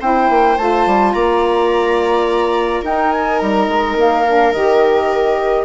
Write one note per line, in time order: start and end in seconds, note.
0.00 0.29 C4
0.00 0.57 E4
0.00 1.13 C5
0.00 0.57 G5
0.29 0.57 A#3
0.57 0.86 A3
0.57 2.83 F4
0.57 1.13 A5
0.86 1.14 G3
1.13 2.82 A#3
1.13 2.81 D5
1.13 2.82 A#5
2.81 3.39 D#4
2.81 4.25 D#4
2.81 5.65 A#4
2.81 3.11 G5
3.11 3.39 G#5
3.39 3.67 G3
3.39 3.95 A#5
3.67 3.96 G#3
3.96 4.52 A#3
3.96 4.52 F5
4.26 4.54 D4
4.52 5.65 D#3
4.52 5.65 G4
4.52 5.65 D#5